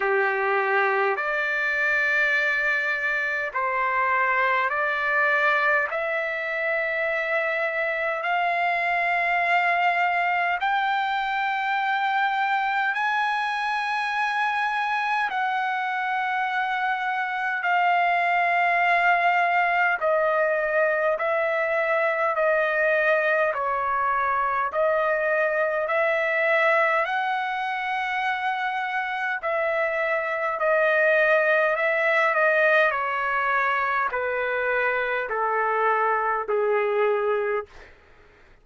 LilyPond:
\new Staff \with { instrumentName = "trumpet" } { \time 4/4 \tempo 4 = 51 g'4 d''2 c''4 | d''4 e''2 f''4~ | f''4 g''2 gis''4~ | gis''4 fis''2 f''4~ |
f''4 dis''4 e''4 dis''4 | cis''4 dis''4 e''4 fis''4~ | fis''4 e''4 dis''4 e''8 dis''8 | cis''4 b'4 a'4 gis'4 | }